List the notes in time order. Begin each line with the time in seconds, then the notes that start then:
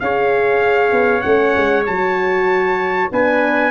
0.00 C#4 G#4 C#5 F5
0.92 B3
1.21 A3 C#4 F#5
1.57 G#3
1.87 F#3 F#4 A5
3.12 B3 D4 B4 G#5